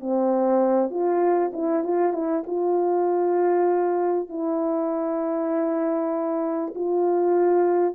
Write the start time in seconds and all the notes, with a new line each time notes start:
0.00 C4
0.90 F4
1.53 E4
1.84 F4
2.13 E4
2.47 F4
4.29 E4
6.75 F4